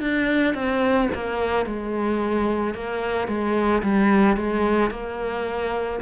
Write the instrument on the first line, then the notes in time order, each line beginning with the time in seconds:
cello
0.00 D4
0.54 C4
1.14 A#3
1.65 G#3
2.74 A#3
3.27 G#3
3.82 G3
4.36 G#3
4.90 A#3